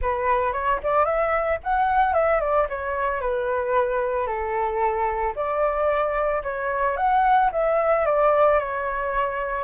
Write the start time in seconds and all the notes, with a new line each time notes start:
0.01 B4
0.52 C#5
0.83 D5
1.05 E5
1.63 F#5
2.13 E5
2.40 D5
2.69 C#5
3.20 B4
4.26 A4
5.35 D5
6.43 C#5
6.96 F#5
7.52 E5
8.05 D5
8.59 C#5